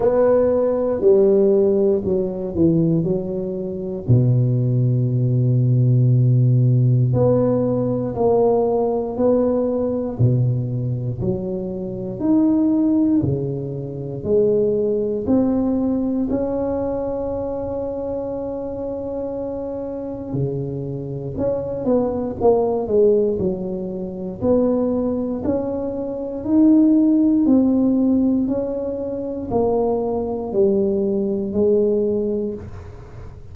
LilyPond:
\new Staff \with { instrumentName = "tuba" } { \time 4/4 \tempo 4 = 59 b4 g4 fis8 e8 fis4 | b,2. b4 | ais4 b4 b,4 fis4 | dis'4 cis4 gis4 c'4 |
cis'1 | cis4 cis'8 b8 ais8 gis8 fis4 | b4 cis'4 dis'4 c'4 | cis'4 ais4 g4 gis4 | }